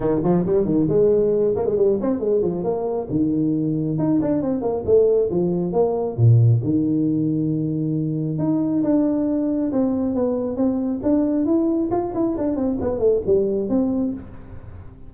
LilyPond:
\new Staff \with { instrumentName = "tuba" } { \time 4/4 \tempo 4 = 136 dis8 f8 g8 dis8 gis4. ais16 gis16 | g8 c'8 gis8 f8 ais4 dis4~ | dis4 dis'8 d'8 c'8 ais8 a4 | f4 ais4 ais,4 dis4~ |
dis2. dis'4 | d'2 c'4 b4 | c'4 d'4 e'4 f'8 e'8 | d'8 c'8 b8 a8 g4 c'4 | }